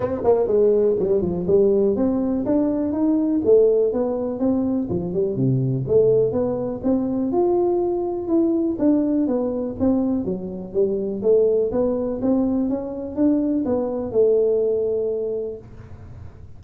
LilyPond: \new Staff \with { instrumentName = "tuba" } { \time 4/4 \tempo 4 = 123 c'8 ais8 gis4 g8 f8 g4 | c'4 d'4 dis'4 a4 | b4 c'4 f8 g8 c4 | a4 b4 c'4 f'4~ |
f'4 e'4 d'4 b4 | c'4 fis4 g4 a4 | b4 c'4 cis'4 d'4 | b4 a2. | }